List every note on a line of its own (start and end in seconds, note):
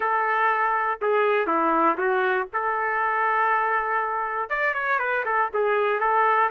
0.00 0.99 A4
1.01 1.46 G#4
1.46 1.96 E4
1.97 2.47 F#4
2.53 4.49 A4
4.49 4.74 D5
4.74 4.99 C#5
4.99 5.24 B4
5.25 5.50 A4
5.53 6.00 G#4
6.00 6.50 A4